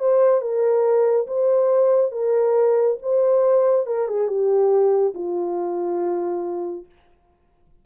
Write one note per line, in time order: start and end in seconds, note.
0.00 0.41 C5
0.41 1.27 A#4
1.28 2.12 C5
2.12 2.97 A#4
3.03 3.87 C5
3.87 4.08 A#4
4.08 4.28 G#4
4.28 5.14 G4
5.14 6.86 F4